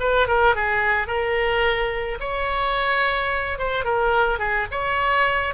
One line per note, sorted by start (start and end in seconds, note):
0.00 0.28 B4
0.28 0.55 A#4
0.55 1.07 G#4
1.07 2.18 A#4
2.20 3.59 C#5
3.59 3.84 C5
3.84 4.39 A#4
4.39 4.66 G#4
4.71 5.54 C#5